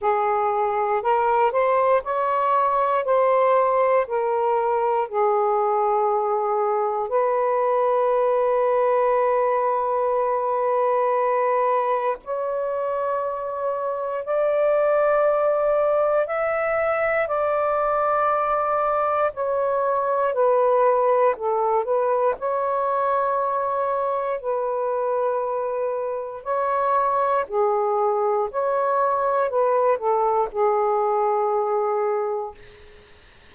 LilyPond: \new Staff \with { instrumentName = "saxophone" } { \time 4/4 \tempo 4 = 59 gis'4 ais'8 c''8 cis''4 c''4 | ais'4 gis'2 b'4~ | b'1 | cis''2 d''2 |
e''4 d''2 cis''4 | b'4 a'8 b'8 cis''2 | b'2 cis''4 gis'4 | cis''4 b'8 a'8 gis'2 | }